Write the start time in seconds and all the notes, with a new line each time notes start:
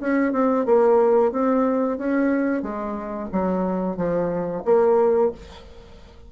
0.00 C#4
0.32 C4
0.65 A#3
1.32 C4
1.98 C#4
2.63 G#3
3.32 F#3
3.97 F3
4.65 A#3